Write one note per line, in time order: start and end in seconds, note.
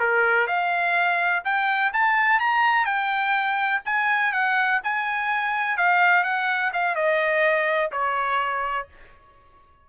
0.00 0.48 A#4
0.48 1.44 F5
1.45 1.93 G5
1.94 2.40 A5
2.40 2.85 A#5
2.85 3.81 G5
3.86 4.33 G#5
4.33 4.81 F#5
4.84 5.78 G#5
5.78 6.24 F5
6.24 6.72 F#5
6.74 6.96 F5
6.96 7.92 D#5
7.92 8.88 C#5